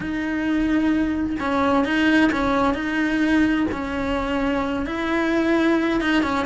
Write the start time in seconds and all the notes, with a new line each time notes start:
0.00 D#4
1.39 C#4
1.84 D#4
2.32 C#4
2.74 D#4
3.71 C#4
4.86 E4
6.00 D#4
6.22 C#4